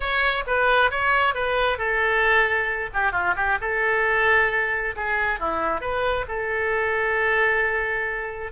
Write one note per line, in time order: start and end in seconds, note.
0.00 0.44 C#5
0.46 0.90 B4
0.90 1.34 C#5
1.34 1.78 B4
1.78 2.90 A4
2.93 3.12 G4
3.12 3.34 F4
3.36 3.58 G4
3.60 4.95 A4
4.95 5.39 G#4
5.39 5.80 E4
5.80 6.25 B4
6.28 8.52 A4